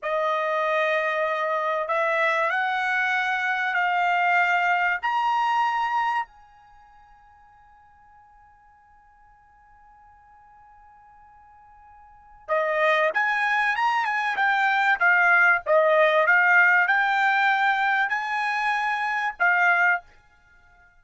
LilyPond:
\new Staff \with { instrumentName = "trumpet" } { \time 4/4 \tempo 4 = 96 dis''2. e''4 | fis''2 f''2 | ais''2 gis''2~ | gis''1~ |
gis''1 | dis''4 gis''4 ais''8 gis''8 g''4 | f''4 dis''4 f''4 g''4~ | g''4 gis''2 f''4 | }